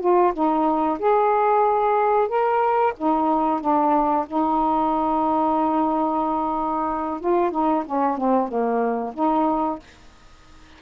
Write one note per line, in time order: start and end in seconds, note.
0.00 0.33 F4
0.33 0.98 D#4
0.99 2.28 G#4
2.28 2.93 A#4
2.97 3.60 D#4
3.60 4.25 D4
4.27 7.20 D#4
7.20 7.51 F4
7.51 7.83 D#4
7.85 8.17 C#4
8.17 8.48 C4
8.48 9.13 A#3
9.13 9.79 D#4